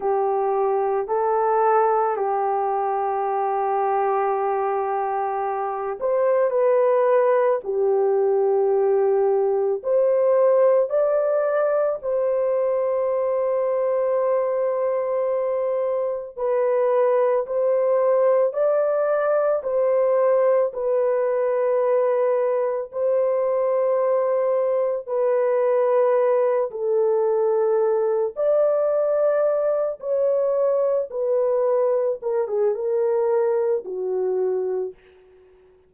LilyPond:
\new Staff \with { instrumentName = "horn" } { \time 4/4 \tempo 4 = 55 g'4 a'4 g'2~ | g'4. c''8 b'4 g'4~ | g'4 c''4 d''4 c''4~ | c''2. b'4 |
c''4 d''4 c''4 b'4~ | b'4 c''2 b'4~ | b'8 a'4. d''4. cis''8~ | cis''8 b'4 ais'16 gis'16 ais'4 fis'4 | }